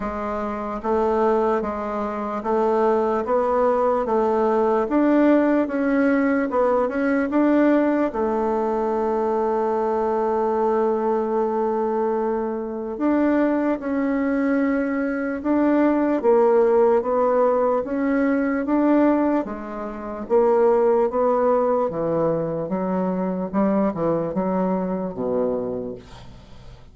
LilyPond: \new Staff \with { instrumentName = "bassoon" } { \time 4/4 \tempo 4 = 74 gis4 a4 gis4 a4 | b4 a4 d'4 cis'4 | b8 cis'8 d'4 a2~ | a1 |
d'4 cis'2 d'4 | ais4 b4 cis'4 d'4 | gis4 ais4 b4 e4 | fis4 g8 e8 fis4 b,4 | }